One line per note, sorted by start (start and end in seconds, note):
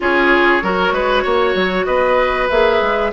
0.00 0.62 C#4
0.00 0.62 F4
0.00 0.63 G#4
0.00 1.85 C#5
0.62 0.92 F#3
0.62 2.50 F#4
0.62 0.93 A#4
0.92 1.23 G#3
0.92 1.23 B4
1.23 1.54 A#3
1.23 1.85 C#5
1.54 1.86 F#3
1.85 2.49 B3
1.85 3.11 B4
1.85 2.47 D#5
2.49 2.81 A#3
2.49 3.12 G#4
2.49 3.12 E5
2.81 3.12 G#3